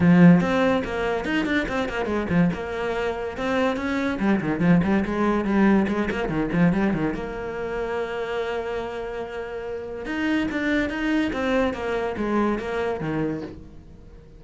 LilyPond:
\new Staff \with { instrumentName = "cello" } { \time 4/4 \tempo 4 = 143 f4 c'4 ais4 dis'8 d'8 | c'8 ais8 gis8 f8 ais2 | c'4 cis'4 g8 dis8 f8 g8 | gis4 g4 gis8 ais8 dis8 f8 |
g8 dis8 ais2.~ | ais1 | dis'4 d'4 dis'4 c'4 | ais4 gis4 ais4 dis4 | }